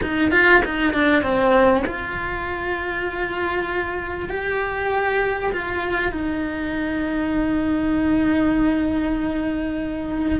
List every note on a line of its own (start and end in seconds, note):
0.01 0.31 D#4
0.31 0.62 F4
0.64 0.93 D#4
0.93 1.22 D4
1.22 1.83 C4
1.86 4.29 F4
4.29 5.51 G4
5.52 6.12 F4
6.12 10.39 D#4